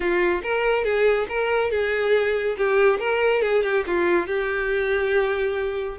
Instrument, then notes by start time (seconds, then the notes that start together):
violin
0.00 F4
0.43 A#4
0.84 G#4
1.29 A#4
1.70 G#4
2.57 G4
2.99 A#4
3.42 G#4
3.63 G4
3.86 F4
4.26 G4